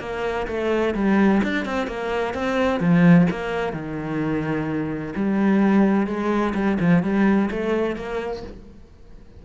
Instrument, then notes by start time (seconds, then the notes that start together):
cello
0.00 A#3
0.48 A3
0.95 G3
1.44 D4
1.66 C4
1.87 A#3
2.34 C4
2.80 F3
3.30 A#3
3.73 D#3
5.16 G3
6.07 G#3
6.55 G3
6.80 F3
7.03 G3
7.51 A3
7.96 A#3